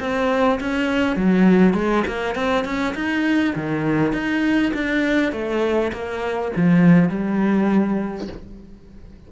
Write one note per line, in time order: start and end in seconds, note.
0.00 0.59 C4
0.60 1.16 C#4
1.16 1.74 F#3
1.74 2.04 G#3
2.07 2.35 A#3
2.35 2.64 C4
2.64 2.94 C#4
2.95 3.54 D#4
3.55 4.13 D#3
4.13 4.72 D#4
4.74 5.32 D4
5.32 5.92 A3
5.92 6.52 A#3
6.56 7.09 F3
7.09 8.28 G3